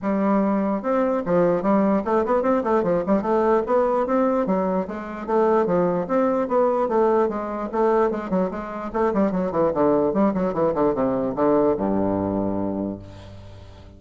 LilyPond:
\new Staff \with { instrumentName = "bassoon" } { \time 4/4 \tempo 4 = 148 g2 c'4 f4 | g4 a8 b8 c'8 a8 f8 g8 | a4 b4 c'4 fis4 | gis4 a4 f4 c'4 |
b4 a4 gis4 a4 | gis8 fis8 gis4 a8 g8 fis8 e8 | d4 g8 fis8 e8 d8 c4 | d4 g,2. | }